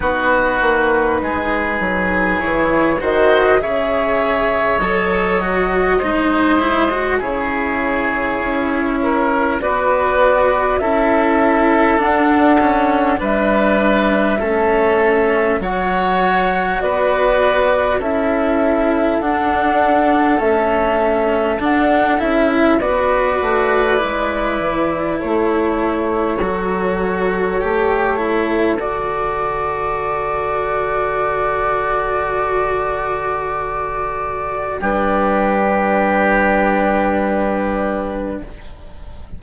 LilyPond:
<<
  \new Staff \with { instrumentName = "flute" } { \time 4/4 \tempo 4 = 50 b'2 cis''8 dis''8 e''4 | dis''2 cis''2 | d''4 e''4 fis''4 e''4~ | e''4 fis''4 d''4 e''4 |
fis''4 e''4 fis''8 e''8 d''4~ | d''4 cis''2. | d''1~ | d''4 b'2. | }
  \new Staff \with { instrumentName = "oboe" } { \time 4/4 fis'4 gis'4. c''8 cis''4~ | cis''4 c''4 gis'4. ais'8 | b'4 a'2 b'4 | a'4 cis''4 b'4 a'4~ |
a'2. b'4~ | b'4 a'2.~ | a'1~ | a'4 g'2. | }
  \new Staff \with { instrumentName = "cello" } { \time 4/4 dis'2 e'8 fis'8 gis'4 | a'8 fis'8 dis'8 e'16 fis'16 e'2 | fis'4 e'4 d'8 cis'8 d'4 | cis'4 fis'2 e'4 |
d'4 cis'4 d'8 e'8 fis'4 | e'2 fis'4 g'8 e'8 | fis'1~ | fis'4 d'2. | }
  \new Staff \with { instrumentName = "bassoon" } { \time 4/4 b8 ais8 gis8 fis8 e8 dis8 cis4 | fis4 gis4 cis4 cis'4 | b4 cis'4 d'4 g4 | a4 fis4 b4 cis'4 |
d'4 a4 d'8 cis'8 b8 a8 | gis8 e8 a4 fis4 a4 | d1~ | d4 g2. | }
>>